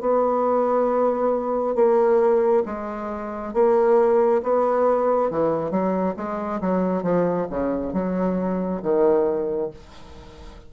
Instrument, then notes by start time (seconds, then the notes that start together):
bassoon
0.00 B3
1.75 A#3
2.66 G#3
3.54 A#3
4.43 B3
5.30 E3
5.71 F#3
6.16 G#3
6.61 F#3
7.03 F3
7.50 C#3
7.93 F#3
8.82 D#3